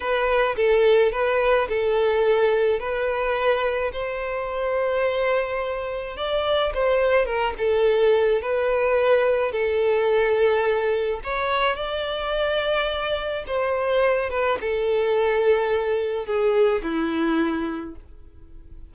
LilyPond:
\new Staff \with { instrumentName = "violin" } { \time 4/4 \tempo 4 = 107 b'4 a'4 b'4 a'4~ | a'4 b'2 c''4~ | c''2. d''4 | c''4 ais'8 a'4. b'4~ |
b'4 a'2. | cis''4 d''2. | c''4. b'8 a'2~ | a'4 gis'4 e'2 | }